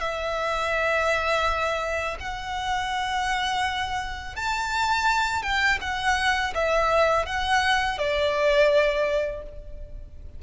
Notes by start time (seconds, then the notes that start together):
0.00 E5
2.19 F#5
4.36 A5
5.42 G5
5.81 F#5
6.54 E5
7.26 F#5
7.98 D5